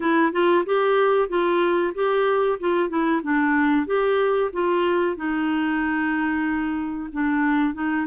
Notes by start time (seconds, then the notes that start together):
0.00 E4
0.32 F4
0.65 G4
1.28 F4
1.94 G4
2.59 F4
2.89 E4
3.23 D4
3.86 G4
4.52 F4
5.16 D#4
7.12 D4
7.74 D#4